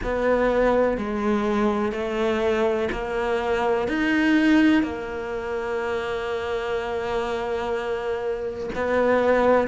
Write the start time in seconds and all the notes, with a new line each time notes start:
0.03 B3
0.97 G#3
1.92 A3
2.91 A#3
3.88 D#4
4.82 A#3
8.75 B3